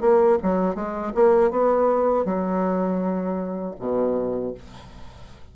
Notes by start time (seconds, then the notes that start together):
0.00 A#3
0.42 F#3
0.75 G#3
1.14 A#3
1.50 B3
2.25 F#3
3.79 B2